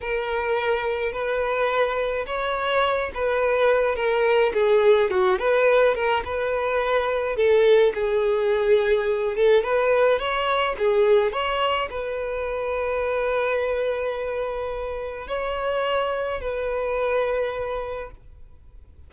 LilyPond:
\new Staff \with { instrumentName = "violin" } { \time 4/4 \tempo 4 = 106 ais'2 b'2 | cis''4. b'4. ais'4 | gis'4 fis'8 b'4 ais'8 b'4~ | b'4 a'4 gis'2~ |
gis'8 a'8 b'4 cis''4 gis'4 | cis''4 b'2.~ | b'2. cis''4~ | cis''4 b'2. | }